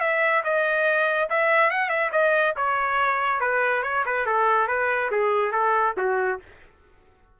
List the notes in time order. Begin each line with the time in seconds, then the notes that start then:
0.00 E5
0.44 D#5
1.30 E5
1.70 F#5
1.89 E5
2.12 D#5
2.56 C#5
3.40 B4
3.83 C#5
4.06 B4
4.26 A4
4.68 B4
5.11 G#4
5.52 A4
5.97 F#4